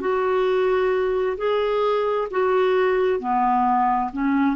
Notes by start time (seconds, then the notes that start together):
0.00 F#4
1.37 G#4
2.30 F#4
3.19 B3
4.12 C#4